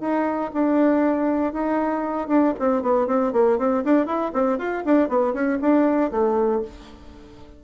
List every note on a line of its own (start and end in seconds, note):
0.00 0.51 D#4
0.53 1.53 D4
1.53 2.28 D#4
2.28 2.53 D4
2.59 2.82 C4
2.82 3.07 B3
3.07 3.32 C4
3.33 3.58 A#3
3.58 3.84 C4
3.84 4.06 D4
4.06 4.32 E4
4.33 4.58 C4
4.58 4.84 F4
4.85 5.08 D4
5.08 5.33 B3
5.33 5.59 C#4
5.61 6.11 D4
6.11 6.62 A3